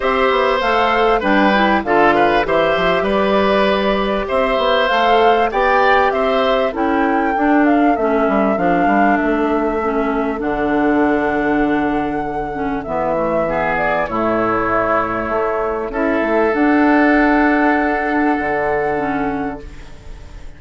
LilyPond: <<
  \new Staff \with { instrumentName = "flute" } { \time 4/4 \tempo 4 = 98 e''4 f''4 g''4 f''4 | e''4 d''2 e''4 | f''4 g''4 e''4 g''4~ | g''8 f''8 e''4 f''4 e''4~ |
e''4 fis''2.~ | fis''4 e''4. d''8 cis''4~ | cis''2 e''4 fis''4~ | fis''1 | }
  \new Staff \with { instrumentName = "oboe" } { \time 4/4 c''2 b'4 a'8 b'8 | c''4 b'2 c''4~ | c''4 d''4 c''4 a'4~ | a'1~ |
a'1~ | a'2 gis'4 e'4~ | e'2 a'2~ | a'1 | }
  \new Staff \with { instrumentName = "clarinet" } { \time 4/4 g'4 a'4 d'8 e'8 f'4 | g'1 | a'4 g'2 e'4 | d'4 cis'4 d'2 |
cis'4 d'2.~ | d'8 cis'8 b8 a8 b4 a4~ | a2 e'4 d'4~ | d'2. cis'4 | }
  \new Staff \with { instrumentName = "bassoon" } { \time 4/4 c'8 b8 a4 g4 d4 | e8 f8 g2 c'8 b8 | a4 b4 c'4 cis'4 | d'4 a8 g8 f8 g8 a4~ |
a4 d2.~ | d4 e2 a,4~ | a,4 a4 cis'8 a8 d'4~ | d'2 d2 | }
>>